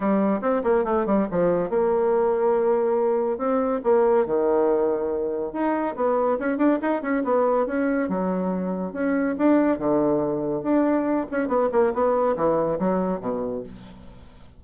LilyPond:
\new Staff \with { instrumentName = "bassoon" } { \time 4/4 \tempo 4 = 141 g4 c'8 ais8 a8 g8 f4 | ais1 | c'4 ais4 dis2~ | dis4 dis'4 b4 cis'8 d'8 |
dis'8 cis'8 b4 cis'4 fis4~ | fis4 cis'4 d'4 d4~ | d4 d'4. cis'8 b8 ais8 | b4 e4 fis4 b,4 | }